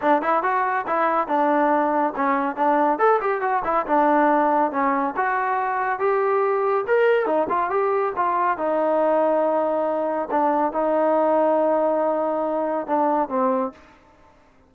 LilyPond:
\new Staff \with { instrumentName = "trombone" } { \time 4/4 \tempo 4 = 140 d'8 e'8 fis'4 e'4 d'4~ | d'4 cis'4 d'4 a'8 g'8 | fis'8 e'8 d'2 cis'4 | fis'2 g'2 |
ais'4 dis'8 f'8 g'4 f'4 | dis'1 | d'4 dis'2.~ | dis'2 d'4 c'4 | }